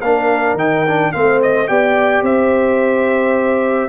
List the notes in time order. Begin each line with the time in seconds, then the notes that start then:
0.00 A#3 D4 A#4 F5
0.54 D#3 D#4 G5
0.87 D4
1.12 A3 C4 C5 F5
1.42 D#5
1.67 B3 G4 D5 G5
2.22 C4 C5 E5